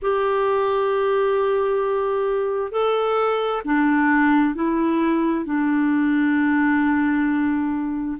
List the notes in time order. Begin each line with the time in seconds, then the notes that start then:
0.02 G4
2.71 A4
3.64 D4
4.55 E4
5.45 D4